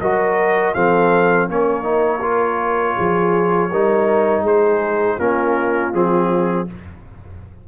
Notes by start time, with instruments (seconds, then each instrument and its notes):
0.00 tuba F#3, trombone F#4, horn A#4, trumpet D#5
0.74 tuba F3, trombone C4, horn A4, trumpet F5
1.48 tuba A#3, trombone C#4, horn A#4, trumpet C#5
1.82 trombone D#4
2.22 trombone F4
2.96 tuba F3, horn G#4
3.70 tuba G3, trombone D#4, horn A#4
4.41 tuba G#3, horn G#4, trumpet C5
5.17 tuba A#3, trombone C#4, horn F4, trumpet A#4
5.93 tuba F3, trombone C4, trumpet G#4